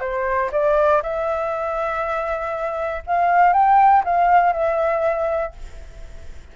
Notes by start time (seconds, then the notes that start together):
0.00 C5
0.51 D5
1.02 E5
3.06 F5
3.52 G5
4.04 F5
4.52 E5